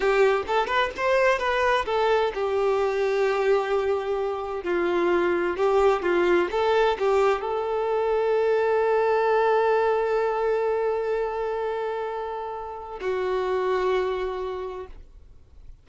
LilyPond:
\new Staff \with { instrumentName = "violin" } { \time 4/4 \tempo 4 = 129 g'4 a'8 b'8 c''4 b'4 | a'4 g'2.~ | g'2 f'2 | g'4 f'4 a'4 g'4 |
a'1~ | a'1~ | a'1 | fis'1 | }